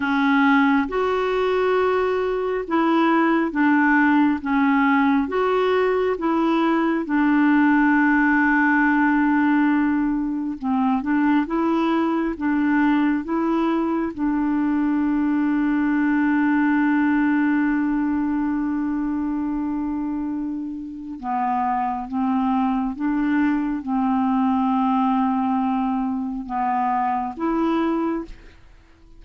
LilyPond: \new Staff \with { instrumentName = "clarinet" } { \time 4/4 \tempo 4 = 68 cis'4 fis'2 e'4 | d'4 cis'4 fis'4 e'4 | d'1 | c'8 d'8 e'4 d'4 e'4 |
d'1~ | d'1 | b4 c'4 d'4 c'4~ | c'2 b4 e'4 | }